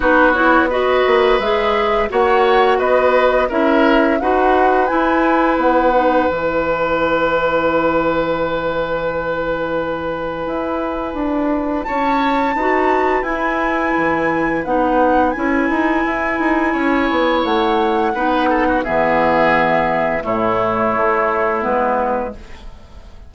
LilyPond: <<
  \new Staff \with { instrumentName = "flute" } { \time 4/4 \tempo 4 = 86 b'8 cis''8 dis''4 e''4 fis''4 | dis''4 e''4 fis''4 gis''4 | fis''4 gis''2.~ | gis''1~ |
gis''4 a''2 gis''4~ | gis''4 fis''4 gis''2~ | gis''4 fis''2 e''4~ | e''4 cis''2 b'4 | }
  \new Staff \with { instrumentName = "oboe" } { \time 4/4 fis'4 b'2 cis''4 | b'4 ais'4 b'2~ | b'1~ | b'1~ |
b'4 cis''4 b'2~ | b'1 | cis''2 b'8 a'16 fis'16 gis'4~ | gis'4 e'2. | }
  \new Staff \with { instrumentName = "clarinet" } { \time 4/4 dis'8 e'8 fis'4 gis'4 fis'4~ | fis'4 e'4 fis'4 e'4~ | e'8 dis'8 e'2.~ | e'1~ |
e'2 fis'4 e'4~ | e'4 dis'4 e'2~ | e'2 dis'4 b4~ | b4 a2 b4 | }
  \new Staff \with { instrumentName = "bassoon" } { \time 4/4 b4. ais8 gis4 ais4 | b4 cis'4 dis'4 e'4 | b4 e2.~ | e2. e'4 |
d'4 cis'4 dis'4 e'4 | e4 b4 cis'8 dis'8 e'8 dis'8 | cis'8 b8 a4 b4 e4~ | e4 a,4 a4 gis4 | }
>>